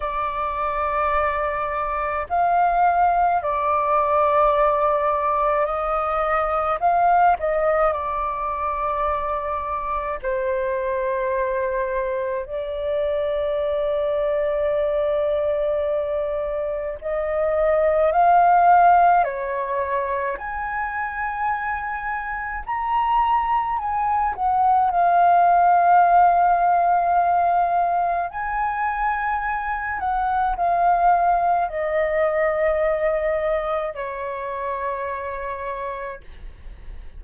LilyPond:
\new Staff \with { instrumentName = "flute" } { \time 4/4 \tempo 4 = 53 d''2 f''4 d''4~ | d''4 dis''4 f''8 dis''8 d''4~ | d''4 c''2 d''4~ | d''2. dis''4 |
f''4 cis''4 gis''2 | ais''4 gis''8 fis''8 f''2~ | f''4 gis''4. fis''8 f''4 | dis''2 cis''2 | }